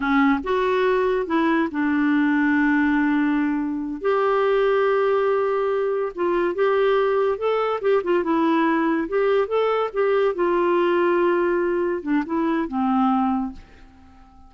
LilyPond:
\new Staff \with { instrumentName = "clarinet" } { \time 4/4 \tempo 4 = 142 cis'4 fis'2 e'4 | d'1~ | d'4. g'2~ g'8~ | g'2~ g'8 f'4 g'8~ |
g'4. a'4 g'8 f'8 e'8~ | e'4. g'4 a'4 g'8~ | g'8 f'2.~ f'8~ | f'8 d'8 e'4 c'2 | }